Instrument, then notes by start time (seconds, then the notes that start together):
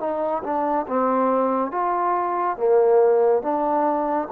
trombone
0.00 D#4
0.44 D4
0.87 C4
1.71 F4
2.57 A#3
3.42 D4